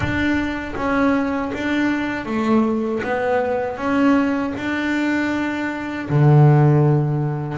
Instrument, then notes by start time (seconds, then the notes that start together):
double bass
0.00 D4
0.76 C#4
1.54 D4
2.25 A3
3.03 B3
3.77 C#4
4.56 D4
6.09 D3